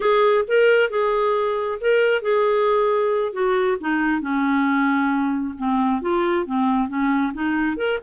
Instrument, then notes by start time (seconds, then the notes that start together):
clarinet
0.00 G#4
0.47 A#4
0.89 G#4
1.80 A#4
2.21 G#4
3.32 F#4
3.80 D#4
4.21 C#4
5.58 C4
6.01 F4
6.45 C4
6.88 C#4
7.33 D#4
7.76 A#4